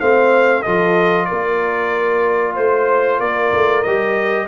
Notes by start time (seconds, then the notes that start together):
0.00 A3 C4 C5 F5
0.62 F3 F4 A4 D#5
1.25 A#3 A#4 D5
2.54 A3 C5
3.18 A#3 A#4 D5
3.53 A3
3.83 G3 G4 D#5